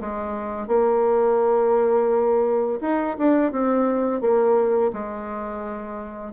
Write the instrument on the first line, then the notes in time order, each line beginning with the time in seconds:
bassoon
0.00 G#3
0.67 A#3
2.81 D#4
3.18 D4
3.51 C4
4.21 A#3
4.93 G#3